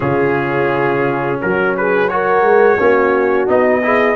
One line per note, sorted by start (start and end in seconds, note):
0.00 1.41 C#3
0.00 2.08 C#4
0.00 1.40 F4
0.00 1.40 G#4
1.40 2.42 F#3
1.40 1.77 F#4
1.40 1.75 A#4
1.76 2.12 G#4
1.76 2.08 B4
2.08 2.78 F#4
2.08 2.77 A#4
2.08 3.48 C#5
2.42 2.77 G#3
2.77 3.48 A#3
2.77 3.47 C#4
2.77 3.82 F#4
3.47 4.16 B3
3.47 3.82 D#4
3.47 4.16 D#5
3.82 4.16 E4
3.82 4.16 G#4